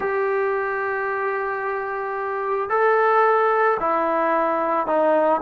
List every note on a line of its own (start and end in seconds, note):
0.00 2.69 G4
2.69 3.77 A4
3.80 4.86 E4
4.86 5.41 D#4